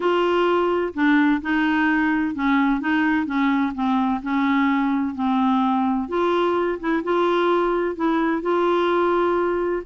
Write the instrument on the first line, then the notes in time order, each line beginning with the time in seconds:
clarinet
0.00 F4
0.94 D4
1.41 D#4
2.35 C#4
2.80 D#4
3.26 C#4
3.74 C4
4.22 C#4
5.14 C4
6.08 F4
6.79 E4
7.03 F4
7.95 E4
8.42 F4